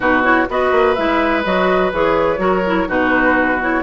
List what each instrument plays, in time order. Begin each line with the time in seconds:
0.00 bassoon B2, clarinet D#4, oboe F#4, flute B4
0.23 clarinet E4, flute C#5
0.49 bassoon B3, clarinet F#4, oboe B4, flute D#5
0.71 bassoon A#3
0.94 bassoon G#3, clarinet E4, flute E5
1.44 bassoon F#3, clarinet F#4, flute D#5
1.92 bassoon E3, clarinet G#4, flute C#5
2.37 bassoon F#3, clarinet F#4, oboe A#4
2.66 clarinet E4
2.87 bassoon B2, clarinet D#4, oboe F#4, flute B4
3.60 clarinet E4, flute C#5